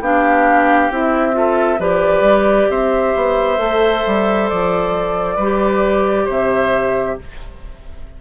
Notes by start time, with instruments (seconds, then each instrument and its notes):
0.00 bassoon B3, clarinet D4, oboe G4, flute F5
0.90 bassoon C4, clarinet E4, flute E5
1.32 clarinet F4, oboe A4
1.79 bassoon F3, clarinet G4, oboe B4, flute D5
2.21 bassoon G3
2.70 bassoon C4, oboe C5, flute E5
3.15 bassoon B3
3.58 bassoon A3, clarinet A4
4.07 bassoon G3
4.49 bassoon F3, flute D5
5.36 bassoon G3, oboe B4
5.42 clarinet G4
6.25 bassoon C3, oboe C5, flute E5